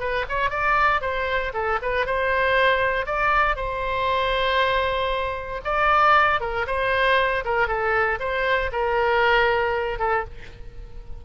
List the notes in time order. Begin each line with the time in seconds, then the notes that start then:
0.00 B4
0.29 C#5
0.50 D5
1.01 C5
1.54 A4
1.82 B4
2.06 C5
3.07 D5
3.57 C5
5.65 D5
6.41 A#4
6.67 C5
7.45 A#4
7.68 A4
8.20 C5
8.72 A#4
9.99 A4